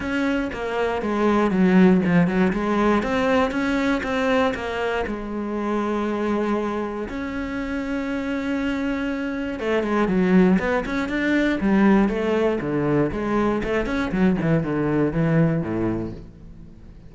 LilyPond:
\new Staff \with { instrumentName = "cello" } { \time 4/4 \tempo 4 = 119 cis'4 ais4 gis4 fis4 | f8 fis8 gis4 c'4 cis'4 | c'4 ais4 gis2~ | gis2 cis'2~ |
cis'2. a8 gis8 | fis4 b8 cis'8 d'4 g4 | a4 d4 gis4 a8 cis'8 | fis8 e8 d4 e4 a,4 | }